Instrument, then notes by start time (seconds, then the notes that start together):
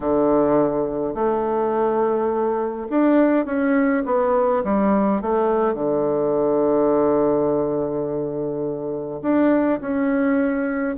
bassoon
0.00 D3
1.14 A3
2.90 D4
3.45 C#4
4.05 B3
4.64 G3
5.21 A3
5.74 D3
9.22 D4
9.80 C#4